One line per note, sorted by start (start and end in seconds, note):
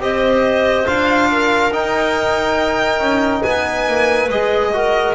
0.00 0.86 C4
0.00 0.85 G4
0.00 1.30 C5
0.00 0.87 D#5
0.85 1.73 D4
0.85 1.71 F4
0.85 1.73 F5
1.31 3.41 A#4
1.73 4.30 D#4
1.73 3.00 D#4
1.73 3.43 G5
3.00 3.42 C#4
3.41 3.88 B3
3.41 4.70 B4
3.41 4.29 G#5
3.88 4.29 A#3
4.29 5.14 G#3
4.29 4.73 G#4
4.29 5.14 D#5
4.74 5.14 F#4
4.74 5.14 A#4